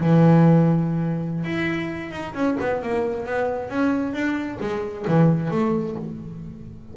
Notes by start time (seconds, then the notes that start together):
0.00 E3
1.44 E4
2.11 D#4
2.34 C#4
2.60 B3
2.82 A#3
3.26 B3
3.70 C#4
4.13 D4
4.60 G#3
5.08 E3
5.51 A3